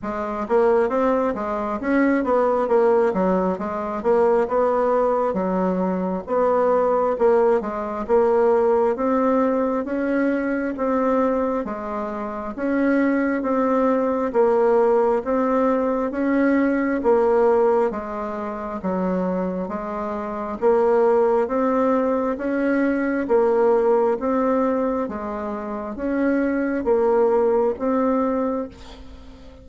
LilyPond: \new Staff \with { instrumentName = "bassoon" } { \time 4/4 \tempo 4 = 67 gis8 ais8 c'8 gis8 cis'8 b8 ais8 fis8 | gis8 ais8 b4 fis4 b4 | ais8 gis8 ais4 c'4 cis'4 | c'4 gis4 cis'4 c'4 |
ais4 c'4 cis'4 ais4 | gis4 fis4 gis4 ais4 | c'4 cis'4 ais4 c'4 | gis4 cis'4 ais4 c'4 | }